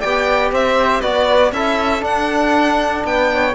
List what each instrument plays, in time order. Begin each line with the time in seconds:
0.00 cello B3, trombone G4, flute D5, violin G5
0.51 cello C4, flute C5, violin E5
1.01 cello B3, trombone F#4, flute B4, violin D5
1.52 cello C#4, trombone E4, flute A4, violin E5
2.01 trombone D4, cello D4, violin F#5
3.04 cello B3, flute B4, violin G5
3.33 flute C#5